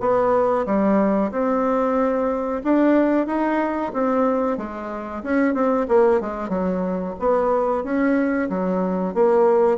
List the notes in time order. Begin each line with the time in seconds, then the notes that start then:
0.00 B3
0.65 G3
1.31 C4
2.64 D4
3.26 D#4
3.93 C4
4.57 G#3
5.23 C#4
5.54 C4
5.88 A#3
6.20 G#3
6.49 F#3
7.19 B3
7.83 C#4
8.49 F#3
9.14 A#3